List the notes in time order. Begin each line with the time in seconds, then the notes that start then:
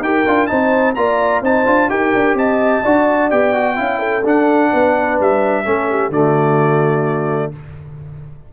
0.00 D#4 G4 A#4 G5
0.27 D4 F4
0.47 C4 D#4 C5 A5
0.95 A#3 F4 D5 A#5
1.41 C4 D#4 C5 A5
1.66 D4 F4
1.89 D#4 G4 A#4 G5
2.14 D4
2.34 C4 D#5 A5
2.83 D4 F#4 D5
3.31 B3 G4 G5
3.54 F#4
3.76 C#4 E4 F5
3.99 A4
4.24 D4 F#5
4.71 B3 B4
5.20 G3 E5
5.65 A3 C#4 A4
5.90 G4
6.09 D3 A3 F#4 D5